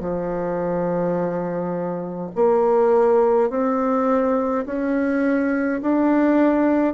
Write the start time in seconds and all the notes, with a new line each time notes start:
0.00 F3
2.35 A#3
3.50 C4
4.66 C#4
5.82 D4